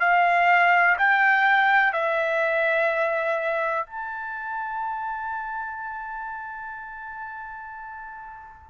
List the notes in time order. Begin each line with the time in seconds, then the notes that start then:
0.00 F5
0.98 G5
1.93 E5
3.87 A5